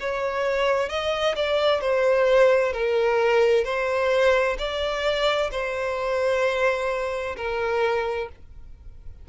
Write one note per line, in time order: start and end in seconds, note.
0.00 0.89 C#5
0.89 1.35 D#5
1.36 1.81 D5
1.81 2.73 C5
2.73 3.65 A#4
3.65 4.57 C5
4.58 5.50 D5
5.51 7.36 C5
7.36 8.29 A#4